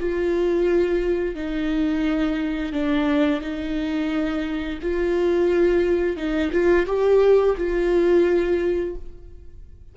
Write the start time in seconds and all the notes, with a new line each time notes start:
0.00 F4
1.35 D#4
2.73 D4
3.41 D#4
4.82 F4
6.17 D#4
6.52 F4
6.87 G4
7.58 F4